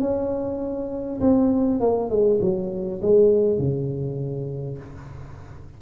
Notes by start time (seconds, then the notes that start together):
0.00 C#4
1.21 C4
1.80 A#3
2.09 G#3
2.41 F#3
3.01 G#3
3.58 C#3